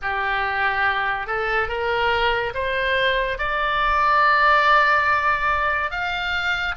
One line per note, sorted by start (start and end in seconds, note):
0.02 1.26 G4
1.26 1.68 A4
1.68 2.53 A#4
2.54 3.38 C5
3.38 5.90 D5
5.90 6.75 F5